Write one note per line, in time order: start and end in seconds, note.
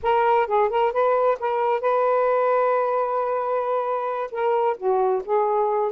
0.02 0.46 A#4
0.46 0.69 G#4
0.69 0.92 A#4
0.92 1.37 B4
1.39 1.81 A#4
1.81 4.31 B4
4.31 4.76 A#4
4.77 5.22 F#4
5.25 5.92 G#4